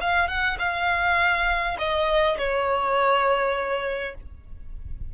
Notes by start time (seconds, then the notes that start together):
0.00 F5
0.28 F#5
0.59 F5
1.78 D#5
2.37 C#5